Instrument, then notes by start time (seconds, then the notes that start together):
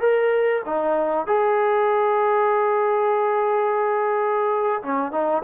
trombone
0.00 A#4
0.66 D#4
1.26 G#4
4.82 C#4
5.11 D#4